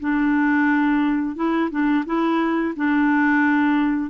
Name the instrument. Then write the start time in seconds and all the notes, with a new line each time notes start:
clarinet
0.00 D4
1.35 E4
1.70 D4
2.05 E4
2.76 D4